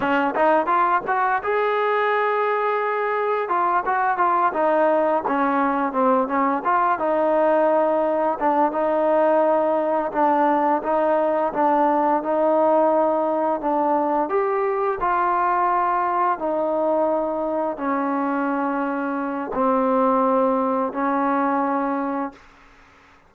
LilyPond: \new Staff \with { instrumentName = "trombone" } { \time 4/4 \tempo 4 = 86 cis'8 dis'8 f'8 fis'8 gis'2~ | gis'4 f'8 fis'8 f'8 dis'4 cis'8~ | cis'8 c'8 cis'8 f'8 dis'2 | d'8 dis'2 d'4 dis'8~ |
dis'8 d'4 dis'2 d'8~ | d'8 g'4 f'2 dis'8~ | dis'4. cis'2~ cis'8 | c'2 cis'2 | }